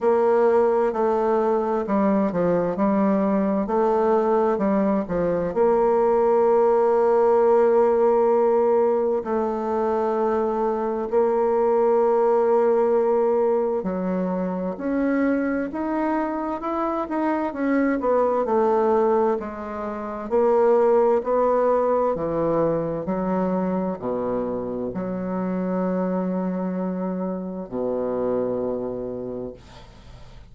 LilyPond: \new Staff \with { instrumentName = "bassoon" } { \time 4/4 \tempo 4 = 65 ais4 a4 g8 f8 g4 | a4 g8 f8 ais2~ | ais2 a2 | ais2. fis4 |
cis'4 dis'4 e'8 dis'8 cis'8 b8 | a4 gis4 ais4 b4 | e4 fis4 b,4 fis4~ | fis2 b,2 | }